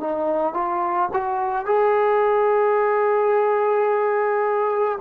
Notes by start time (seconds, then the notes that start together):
0.00 D#4
0.54 F4
1.13 F#4
1.66 G#4